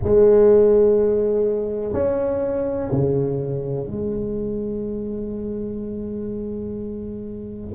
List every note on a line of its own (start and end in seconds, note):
0.03 1.93 G#3
1.93 2.89 C#4
2.91 3.87 C#3
3.87 7.74 G#3